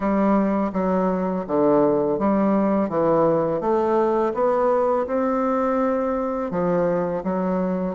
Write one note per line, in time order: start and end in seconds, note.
0.00 0.71 G3
0.72 1.45 F#3
1.47 2.18 D3
2.18 2.89 G3
2.89 3.60 E3
3.60 4.32 A3
4.34 5.06 B3
5.06 6.50 C4
6.50 7.23 F3
7.23 7.95 F#3